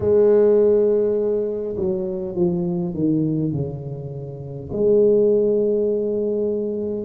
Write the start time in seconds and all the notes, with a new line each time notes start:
0.00 G#3
1.76 F#3
2.35 F3
2.94 D#3
3.52 C#3
4.72 G#3